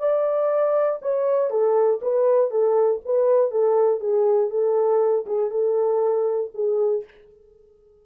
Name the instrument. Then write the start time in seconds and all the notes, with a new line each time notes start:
horn
0.00 D5
1.02 C#5
1.51 A4
2.02 B4
2.51 A4
3.05 B4
3.52 A4
4.01 G#4
4.51 A4
5.27 G#4
5.51 A4
6.55 G#4